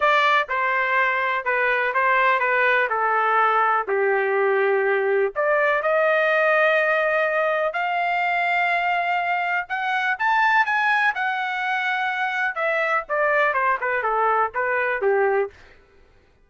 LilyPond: \new Staff \with { instrumentName = "trumpet" } { \time 4/4 \tempo 4 = 124 d''4 c''2 b'4 | c''4 b'4 a'2 | g'2. d''4 | dis''1 |
f''1 | fis''4 a''4 gis''4 fis''4~ | fis''2 e''4 d''4 | c''8 b'8 a'4 b'4 g'4 | }